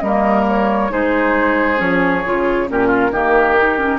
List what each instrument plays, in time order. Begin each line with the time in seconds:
0.00 bassoon G3, clarinet A#3, oboe A#4, flute D#5
0.48 flute C#5
0.90 bassoon G#3, clarinet D#4, oboe G#4, flute C5
1.77 bassoon F3, clarinet C#4, flute C#5
2.26 bassoon C#3, clarinet F4
2.68 bassoon A#2, clarinet C#4, oboe G4, flute A#4
2.88 oboe F4
3.11 bassoon D#3, clarinet A#3, oboe G4
3.57 clarinet D#4
3.79 clarinet C#4